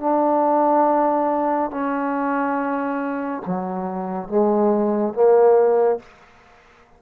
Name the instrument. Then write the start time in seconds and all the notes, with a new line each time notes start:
trombone
0.00 D4
1.71 C#4
3.46 F#3
4.29 G#3
5.14 A#3